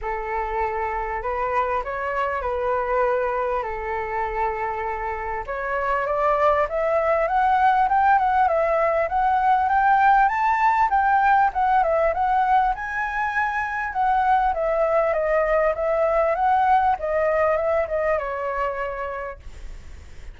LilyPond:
\new Staff \with { instrumentName = "flute" } { \time 4/4 \tempo 4 = 99 a'2 b'4 cis''4 | b'2 a'2~ | a'4 cis''4 d''4 e''4 | fis''4 g''8 fis''8 e''4 fis''4 |
g''4 a''4 g''4 fis''8 e''8 | fis''4 gis''2 fis''4 | e''4 dis''4 e''4 fis''4 | dis''4 e''8 dis''8 cis''2 | }